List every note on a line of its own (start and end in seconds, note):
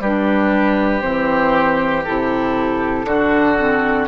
0.00 1.02 G3
0.00 1.01 D4
0.00 3.07 G4
0.00 1.02 B4
1.01 2.06 E3
1.01 2.03 C4
1.01 2.03 C5
2.04 3.05 C3
2.04 3.06 E4
2.04 4.08 A4
3.05 4.07 D3
3.05 3.57 D4
3.05 4.08 F#4
3.58 4.08 C4